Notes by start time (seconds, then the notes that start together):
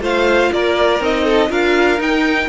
0.00 A3 F4 C5 F5
0.53 A#3 A#4 D5
1.00 C4 D#4 D#5
1.24 A4
1.49 D4 F4 A#4 F5
1.98 D#4 G5